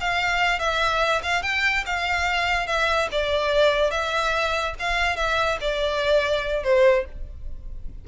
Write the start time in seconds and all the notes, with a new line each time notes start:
0.00 F5
0.59 E5
1.22 F5
1.42 G5
1.85 F5
2.66 E5
3.11 D5
3.91 E5
4.79 F5
5.16 E5
5.60 D5
6.63 C5